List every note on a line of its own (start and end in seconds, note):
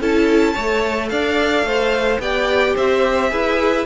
0.00 0.55 C#4
0.00 0.56 E4
0.00 0.53 A4
0.00 1.08 A5
0.53 1.11 A3
0.53 2.21 A4
0.53 1.08 C#5
1.08 1.63 D4
1.08 1.66 D5
1.08 2.18 F5
1.63 2.18 A3
1.63 2.21 C5
2.19 2.74 B3
2.19 3.29 G4
2.19 2.75 D5
2.19 2.76 G5
2.75 3.32 C4
2.75 3.30 C5
2.75 3.86 E5
3.29 3.86 E4
3.29 3.85 G#4
3.29 3.86 B4